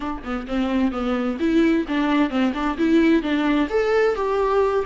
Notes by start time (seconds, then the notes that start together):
0.00 D4
0.23 B3
0.47 C4
0.91 B3
1.39 E4
1.88 D4
2.30 C4
2.54 D4
2.78 E4
3.22 D4
3.69 A4
4.15 G4